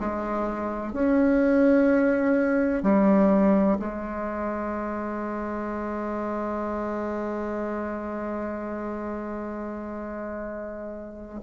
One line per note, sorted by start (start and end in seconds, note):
0.00 0.93 G#3
0.93 2.83 C#4
2.83 3.78 G3
3.79 11.41 G#3